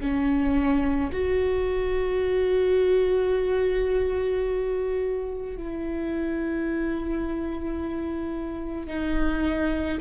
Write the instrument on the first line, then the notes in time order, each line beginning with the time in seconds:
viola
0.00 C#4
1.13 F#4
5.58 E4
8.87 D#4